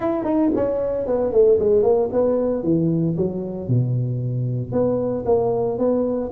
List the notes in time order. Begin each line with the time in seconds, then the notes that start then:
0.00 E4
0.24 D#4
0.55 C#4
1.06 B3
1.32 A3
1.59 G#3
1.83 A#3
2.12 B3
2.63 E3
3.16 F#3
3.68 B2
4.72 B3
5.25 A#3
5.78 B3